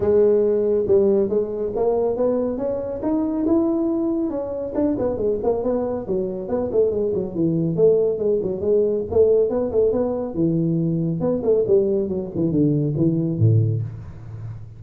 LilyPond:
\new Staff \with { instrumentName = "tuba" } { \time 4/4 \tempo 4 = 139 gis2 g4 gis4 | ais4 b4 cis'4 dis'4 | e'2 cis'4 d'8 b8 | gis8 ais8 b4 fis4 b8 a8 |
gis8 fis8 e4 a4 gis8 fis8 | gis4 a4 b8 a8 b4 | e2 b8 a8 g4 | fis8 e8 d4 e4 a,4 | }